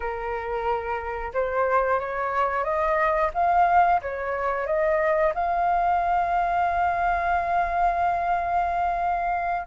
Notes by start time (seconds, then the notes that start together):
0.00 A#4
1.33 C5
1.99 C#5
2.63 D#5
3.34 F5
4.02 C#5
4.66 D#5
5.34 F5